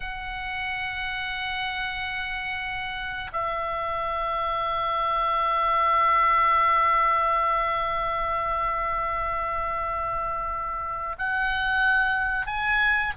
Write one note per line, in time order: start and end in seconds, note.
0.00 3.31 F#5
3.32 11.16 E5
11.18 12.46 F#5
12.46 13.13 G#5